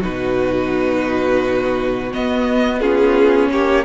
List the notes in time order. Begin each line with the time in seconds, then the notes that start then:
0.00 B2 D#4 F#4 B4
2.12 B3 D#5
2.80 C#4 F4 G#4
3.51 A#3 G4 C#5